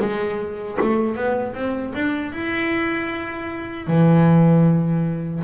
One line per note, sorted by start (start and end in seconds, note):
0.00 0.78 G#3
0.81 1.16 A3
1.16 1.54 B3
1.54 1.93 C4
1.94 2.33 D4
2.33 3.87 E4
3.87 5.43 E3